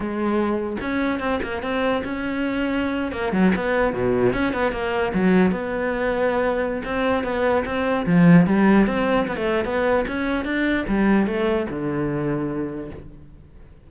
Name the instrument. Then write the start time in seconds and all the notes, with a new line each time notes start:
cello
0.00 G#3
0.80 C#4
1.19 C4
1.43 A#3
1.62 C4
2.04 C#4
3.12 A#3
3.32 F#3
3.55 B3
3.93 B2
4.33 C#4
4.53 B3
4.72 A#3
5.14 F#3
5.51 B3
6.84 C4
7.23 B3
7.65 C4
8.06 F3
8.46 G3
8.87 C4
9.27 B3
9.36 A3
9.64 B3
10.07 C#4
10.44 D4
10.88 G3
11.26 A3
11.69 D3